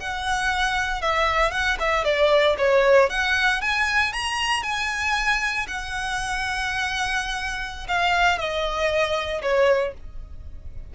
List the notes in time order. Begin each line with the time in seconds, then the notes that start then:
0.00 F#5
1.02 E5
1.52 F#5
1.80 E5
2.05 D5
2.58 C#5
3.10 F#5
3.62 G#5
4.13 A#5
4.63 G#5
5.68 F#5
7.89 F5
8.39 D#5
9.42 C#5